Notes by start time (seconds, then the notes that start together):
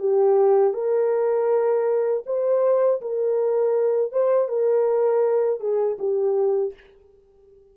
0.00 G4
0.74 A#4
2.26 C5
3.01 A#4
4.12 C5
4.49 A#4
5.60 G#4
5.99 G4